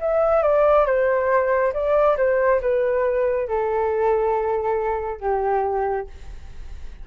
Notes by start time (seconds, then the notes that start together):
0.00 E5
0.43 D5
0.86 C5
1.73 D5
2.17 C5
2.61 B4
3.48 A4
5.20 G4